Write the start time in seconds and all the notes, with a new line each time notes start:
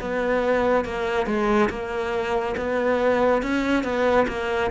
0.00 B3
0.85 A#3
1.26 G#3
1.69 A#3
2.56 B3
3.42 C#4
3.83 B3
4.27 A#3